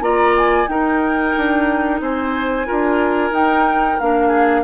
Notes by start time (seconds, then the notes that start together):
0.00 A#3 F4 D5 A#5
0.37 G#5
0.68 D#4 A#4 G5
1.36 D4
2.00 C4 C5 G#5
2.65 D4 F4 A#4
3.30 D#4 G5
3.99 A#3 D4 F5
4.27 G#4